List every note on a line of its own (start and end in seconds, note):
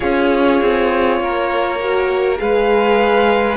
0.00 0.61 C#4
0.00 1.79 F4
0.00 1.20 G#4
0.00 2.38 C#5
0.61 1.19 C4
1.19 2.39 A#3
1.19 2.41 A#4
1.80 2.37 F#4
2.37 3.56 G#3
2.37 3.56 G#4
2.37 3.56 B4
2.37 3.56 F5